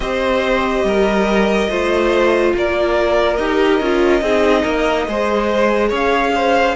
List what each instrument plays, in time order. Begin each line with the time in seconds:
0.00 cello C4, viola G4, violin C5 D#5
0.84 cello G3, violin A#4
1.69 cello A3, viola F4, violin C5
2.54 cello A#3, violin A#4 D5
3.36 cello D#4, viola G4, violin D#5
3.79 cello C#4, viola F4
4.21 cello C4, viola D#4, violin G#4
4.62 cello A#3, violin A#4
5.07 cello G#3, viola G#4, violin C5
5.88 cello C#4, violin C#5
5.95 violin F5
6.34 violin C5